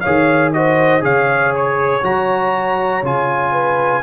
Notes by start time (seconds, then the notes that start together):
0.00 D#3 G#4 C#5 F5
0.53 F#4 C5 D#5
1.01 C#3 G#4 C#5 F5
1.55 C#5
2.03 F#3 F#4 A#5
3.02 C#3 F4 G#5
3.52 B4